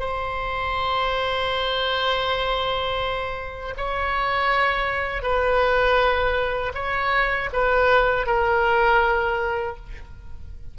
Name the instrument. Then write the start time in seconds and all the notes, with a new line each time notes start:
oboe
0.00 C5
3.77 C#5
5.23 B4
6.75 C#5
7.53 B4
8.27 A#4